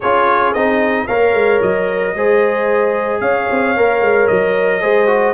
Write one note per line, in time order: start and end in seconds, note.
0.00 0.54 C#4
0.00 0.55 F4
0.00 1.07 G#4
0.00 0.53 C#5
0.53 1.07 C4
0.53 1.08 D#4
0.53 1.07 D#5
1.07 1.33 A#3
1.07 2.15 A#4
1.07 2.14 C#5
1.07 1.60 F5
1.33 1.60 G#3
1.61 2.15 F#3
1.61 3.20 D#5
2.15 3.20 G#3
2.15 3.76 G#4
2.15 3.22 C5
3.20 3.47 C#4
3.20 4.81 C#5
3.20 4.27 F5
3.50 3.77 C4
3.76 4.00 A#3
3.76 4.81 A#4
4.00 4.27 G#3
4.27 4.82 F#3
4.27 5.33 D#5
4.81 5.33 G#3
4.81 5.07 G#4
4.81 5.33 C5
5.07 5.33 F#4